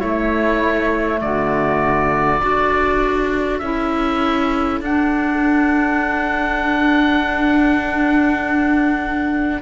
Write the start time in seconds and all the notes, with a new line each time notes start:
0.00 A3 E4 C#5
1.21 D3 F#4 D5
2.41 D4 F#4 A4
3.59 C#4 E4 E5
4.81 D4 F#5